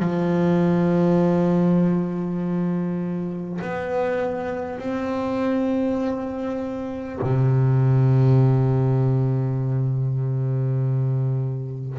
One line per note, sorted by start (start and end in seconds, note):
0.00 3.60 F3
3.62 4.79 B3
4.79 7.19 C4
7.22 11.99 C3